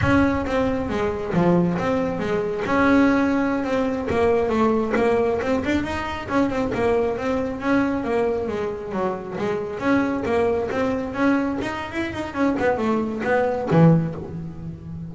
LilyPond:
\new Staff \with { instrumentName = "double bass" } { \time 4/4 \tempo 4 = 136 cis'4 c'4 gis4 f4 | c'4 gis4 cis'2~ | cis'16 c'4 ais4 a4 ais8.~ | ais16 c'8 d'8 dis'4 cis'8 c'8 ais8.~ |
ais16 c'4 cis'4 ais4 gis8.~ | gis16 fis4 gis4 cis'4 ais8.~ | ais16 c'4 cis'4 dis'8. e'8 dis'8 | cis'8 b8 a4 b4 e4 | }